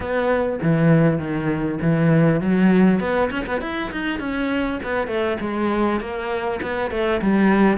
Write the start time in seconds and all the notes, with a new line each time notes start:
0.00 B3
0.62 E3
1.18 D#3
1.81 E3
2.40 F#3
3.00 B3
3.30 C#4
3.46 B3
3.61 E4
3.91 D#4
4.19 C#4
4.83 B3
5.07 A3
5.40 G#3
6.00 A#3
6.62 B3
6.91 A3
7.21 G3